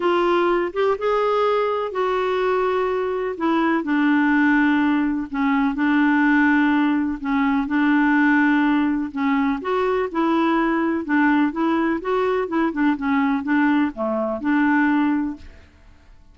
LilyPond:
\new Staff \with { instrumentName = "clarinet" } { \time 4/4 \tempo 4 = 125 f'4. g'8 gis'2 | fis'2. e'4 | d'2. cis'4 | d'2. cis'4 |
d'2. cis'4 | fis'4 e'2 d'4 | e'4 fis'4 e'8 d'8 cis'4 | d'4 a4 d'2 | }